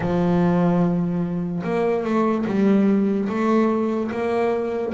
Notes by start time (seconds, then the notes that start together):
0.00 F3
1.63 A#3
2.04 A3
2.46 G3
3.28 A3
4.11 A#3